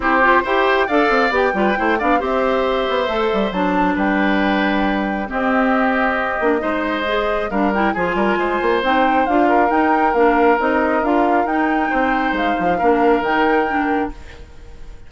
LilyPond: <<
  \new Staff \with { instrumentName = "flute" } { \time 4/4 \tempo 4 = 136 c''4 g''4 f''4 g''4~ | g''8 f''8 e''2. | a''4 g''2. | dis''1~ |
dis''4 f''8 g''8 gis''2 | g''4 f''4 g''4 f''4 | dis''4 f''4 g''2 | f''2 g''2 | }
  \new Staff \with { instrumentName = "oboe" } { \time 4/4 g'4 c''4 d''4. b'8 | c''8 d''8 c''2.~ | c''4 b'2. | g'2. c''4~ |
c''4 ais'4 gis'8 ais'8 c''4~ | c''4. ais'2~ ais'8~ | ais'2. c''4~ | c''4 ais'2. | }
  \new Staff \with { instrumentName = "clarinet" } { \time 4/4 e'8 f'8 g'4 a'4 g'8 f'8 | e'8 d'8 g'2 a'4 | d'1 | c'2~ c'8 d'8 dis'4 |
gis'4 d'8 e'8 f'2 | dis'4 f'4 dis'4 d'4 | dis'4 f'4 dis'2~ | dis'4 d'4 dis'4 d'4 | }
  \new Staff \with { instrumentName = "bassoon" } { \time 4/4 c'4 e'4 d'8 c'8 b8 g8 | a8 b8 c'4. b8 a8 g8 | fis4 g2. | c'2~ c'8 ais8 gis4~ |
gis4 g4 f8 g8 gis8 ais8 | c'4 d'4 dis'4 ais4 | c'4 d'4 dis'4 c'4 | gis8 f8 ais4 dis2 | }
>>